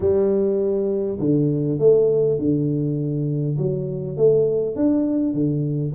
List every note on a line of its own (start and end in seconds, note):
0.00 1.19 G3
1.19 1.78 D3
1.78 2.38 A3
2.38 3.57 D3
3.57 4.16 F#3
4.17 4.75 A3
4.75 5.33 D4
5.33 5.92 D3